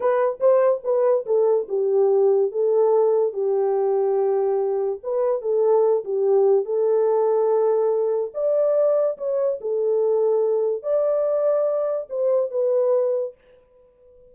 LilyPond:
\new Staff \with { instrumentName = "horn" } { \time 4/4 \tempo 4 = 144 b'4 c''4 b'4 a'4 | g'2 a'2 | g'1 | b'4 a'4. g'4. |
a'1 | d''2 cis''4 a'4~ | a'2 d''2~ | d''4 c''4 b'2 | }